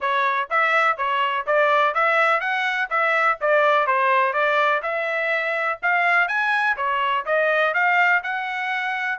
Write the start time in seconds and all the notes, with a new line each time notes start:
0.00 C#5
0.49 E5
0.97 C#5
1.46 D5
1.94 E5
2.40 F#5
2.90 E5
3.40 D5
3.86 C5
4.33 D5
4.82 E5
5.82 F5
6.27 G#5
6.77 C#5
7.25 D#5
7.74 F5
8.23 F#5